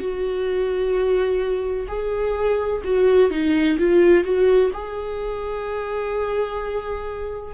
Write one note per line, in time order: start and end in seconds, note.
0.00 1.87 F#4
1.88 2.82 G#4
2.85 3.31 F#4
3.31 3.78 D#4
3.79 4.24 F4
4.24 4.71 F#4
4.74 7.55 G#4